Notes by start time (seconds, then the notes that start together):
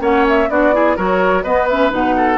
0.00 A#3 C#4 C#5 F#5
0.29 E5
0.50 B3 D4 F#4 D5
0.73 E4 G#4
0.96 F#3 F#4 A#4 C#5
1.44 B3 B4 D#5
1.69 C#4 E5
1.90 B2 D#4 F#5
2.17 A4